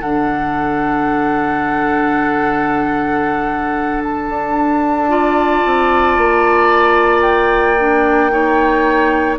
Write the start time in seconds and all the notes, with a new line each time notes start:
0.00 D3 D4 A4 F#5
4.03 A5
4.29 D4
5.08 F4 D5
5.65 C4
6.17 A#3
7.21 G5
7.78 D4
8.30 D#4 C#5